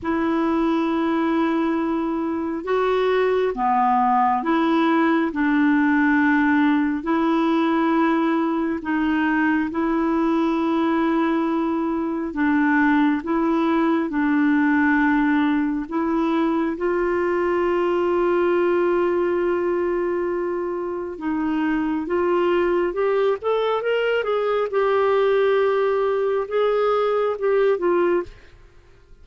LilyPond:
\new Staff \with { instrumentName = "clarinet" } { \time 4/4 \tempo 4 = 68 e'2. fis'4 | b4 e'4 d'2 | e'2 dis'4 e'4~ | e'2 d'4 e'4 |
d'2 e'4 f'4~ | f'1 | dis'4 f'4 g'8 a'8 ais'8 gis'8 | g'2 gis'4 g'8 f'8 | }